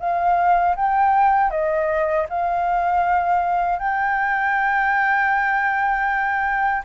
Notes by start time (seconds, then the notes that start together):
0.00 F5
0.76 G5
1.51 D#5
2.30 F5
3.79 G5